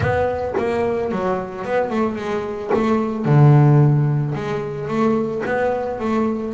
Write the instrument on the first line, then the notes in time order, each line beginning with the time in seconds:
double bass
0.00 B3
0.57 A#3
1.11 F#3
1.64 B3
1.90 A3
2.16 G#3
2.74 A3
3.25 D3
4.34 G#3
4.88 A3
5.45 B3
5.99 A3